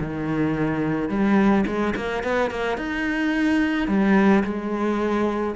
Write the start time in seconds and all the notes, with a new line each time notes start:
0.00 D#3
1.09 G3
1.67 G#3
1.96 A#3
2.23 B3
2.51 A#3
2.78 D#4
3.88 G3
4.44 G#3